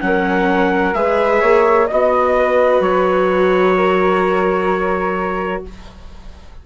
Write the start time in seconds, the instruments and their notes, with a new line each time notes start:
0.00 bassoon F#3, viola C#4, flute A#4, trumpet F#5
0.94 bassoon G#3, viola G#4, flute B4, trumpet E5
1.41 bassoon A#3, flute C#5
1.87 bassoon B3, viola F#4, flute D#5, trumpet D#5
2.38 flute B4
2.80 bassoon F#3, trumpet C#5
3.76 flute A#4